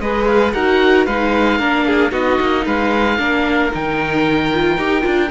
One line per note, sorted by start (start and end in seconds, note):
0.00 0.53 G#3
0.00 0.55 G#4
0.00 0.54 B4
0.00 0.25 D#5
0.25 0.52 F5
0.53 1.07 D#4
0.53 1.08 F#4
0.53 1.06 A#4
0.53 1.06 F#5
1.06 1.59 G#3
1.06 1.60 D#4
1.06 1.58 B4
1.06 2.12 F5
1.58 2.12 A#3
1.58 2.11 D4
1.58 1.85 A#4
1.86 2.11 G#4
2.11 2.38 B3
2.11 3.17 D#4
2.11 2.64 F#4
2.11 2.65 D#5
2.40 2.66 A#3
2.65 3.19 G#3
2.65 3.18 B4
2.65 3.73 F5
3.18 3.72 A#3
3.18 3.71 D4
3.18 5.31 A#4
3.72 4.77 D#3
3.72 4.51 D#4
3.72 5.31 G5
4.53 4.78 F4
4.77 5.04 D#4
4.77 5.02 G4
5.02 5.31 D4
5.02 5.28 F4